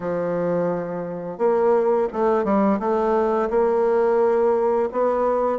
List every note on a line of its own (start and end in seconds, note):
0.00 1.38 F3
1.38 2.07 A#3
2.12 2.44 A3
2.44 2.79 G3
2.79 3.49 A3
3.49 4.89 A#3
4.92 5.58 B3